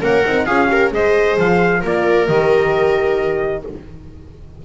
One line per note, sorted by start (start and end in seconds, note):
0.00 0.25 A#3
0.00 0.23 C#4
0.00 0.46 A#4
0.00 0.45 F#5
0.26 0.47 C4
0.26 0.47 D#4
0.45 0.92 C#4
0.45 0.68 F4
0.45 0.69 G#4
0.45 0.91 F5
0.68 0.90 G4
0.68 0.94 A#4
0.90 1.37 G#3
0.90 1.81 G#4
0.90 1.81 C5
0.90 1.39 D#5
1.37 1.83 F3
1.37 1.85 F5
1.81 2.29 A#3
1.81 2.27 F4
1.81 3.62 A#4
1.81 2.29 D5
2.27 3.65 D#3
2.27 3.63 G4
2.27 3.65 D#5